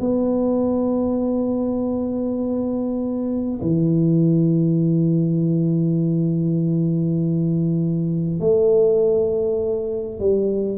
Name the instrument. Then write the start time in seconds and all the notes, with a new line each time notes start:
tuba
0.00 B3
3.62 E3
8.41 A3
10.19 G3